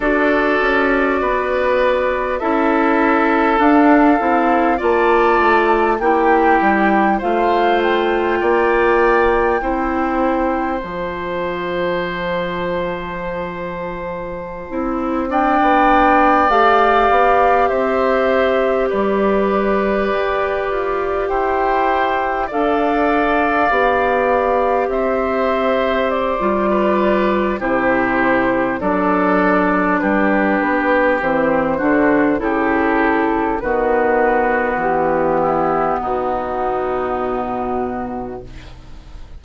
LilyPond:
<<
  \new Staff \with { instrumentName = "flute" } { \time 4/4 \tempo 4 = 50 d''2 e''4 f''4 | a''4 g''4 f''8 g''4.~ | g''4 a''2.~ | a''8. g''4 f''4 e''4 d''16~ |
d''4.~ d''16 g''4 f''4~ f''16~ | f''8. e''4 d''4~ d''16 c''4 | d''4 b'4 c''4 a'4 | b'4 g'4 fis'2 | }
  \new Staff \with { instrumentName = "oboe" } { \time 4/4 a'4 b'4 a'2 | d''4 g'4 c''4 d''4 | c''1~ | c''8. d''2 c''4 b'16~ |
b'4.~ b'16 c''4 d''4~ d''16~ | d''8. c''4. b'8. g'4 | a'4 g'4. fis'8 g'4 | fis'4. e'8 dis'2 | }
  \new Staff \with { instrumentName = "clarinet" } { \time 4/4 fis'2 e'4 d'8 e'8 | f'4 e'4 f'2 | e'4 f'2.~ | f'16 e'8 d'4 g'2~ g'16~ |
g'2~ g'8. a'4 g'16~ | g'2 f'4 e'4 | d'2 c'8 d'8 e'4 | b1 | }
  \new Staff \with { instrumentName = "bassoon" } { \time 4/4 d'8 cis'8 b4 cis'4 d'8 c'8 | ais8 a8 ais8 g8 a4 ais4 | c'4 f2.~ | f16 c'8. b8. a8 b8 c'4 g16~ |
g8. g'8 f'8 e'4 d'4 b16~ | b8. c'4~ c'16 g4 c4 | fis4 g8 b8 e8 d8 cis4 | dis4 e4 b,2 | }
>>